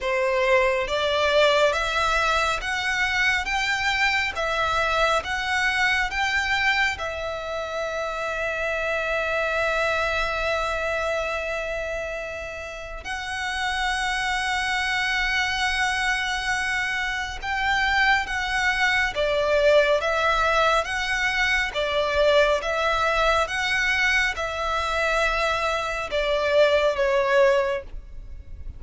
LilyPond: \new Staff \with { instrumentName = "violin" } { \time 4/4 \tempo 4 = 69 c''4 d''4 e''4 fis''4 | g''4 e''4 fis''4 g''4 | e''1~ | e''2. fis''4~ |
fis''1 | g''4 fis''4 d''4 e''4 | fis''4 d''4 e''4 fis''4 | e''2 d''4 cis''4 | }